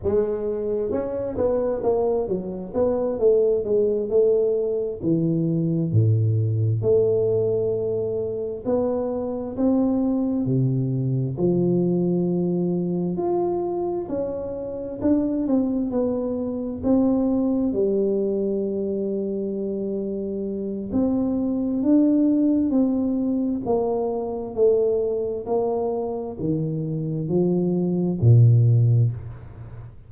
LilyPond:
\new Staff \with { instrumentName = "tuba" } { \time 4/4 \tempo 4 = 66 gis4 cis'8 b8 ais8 fis8 b8 a8 | gis8 a4 e4 a,4 a8~ | a4. b4 c'4 c8~ | c8 f2 f'4 cis'8~ |
cis'8 d'8 c'8 b4 c'4 g8~ | g2. c'4 | d'4 c'4 ais4 a4 | ais4 dis4 f4 ais,4 | }